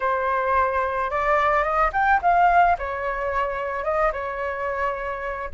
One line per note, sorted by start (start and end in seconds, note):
0.00 1.10 C5
1.10 1.63 D5
1.63 1.90 D#5
1.92 2.20 G5
2.21 2.76 F5
2.78 3.84 C#5
3.84 4.11 D#5
4.12 5.49 C#5